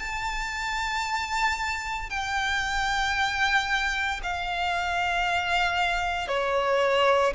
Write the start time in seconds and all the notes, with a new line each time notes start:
0.00 A5
2.11 G5
4.23 F5
6.28 C#5